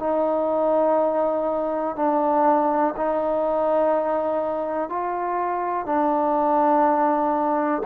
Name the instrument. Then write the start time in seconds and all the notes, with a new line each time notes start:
trombone
0.00 D#4
1.96 D4
2.97 D#4
4.90 F4
5.86 D4